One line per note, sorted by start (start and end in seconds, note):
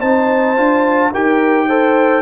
0.00 0.57 C4
0.00 0.56 D#4
0.00 1.11 C5
0.00 1.12 A5
0.57 1.12 D4
0.57 1.12 F4
1.12 2.22 D#4
1.12 1.69 G4
1.12 1.67 A#4
1.12 2.22 G5
1.68 2.22 A4
1.68 2.22 C5